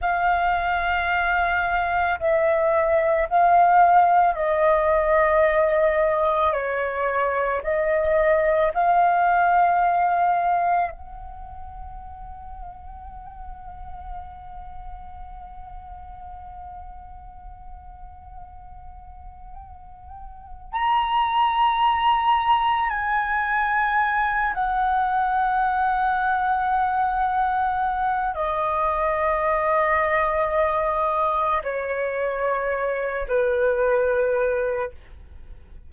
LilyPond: \new Staff \with { instrumentName = "flute" } { \time 4/4 \tempo 4 = 55 f''2 e''4 f''4 | dis''2 cis''4 dis''4 | f''2 fis''2~ | fis''1~ |
fis''2. ais''4~ | ais''4 gis''4. fis''4.~ | fis''2 dis''2~ | dis''4 cis''4. b'4. | }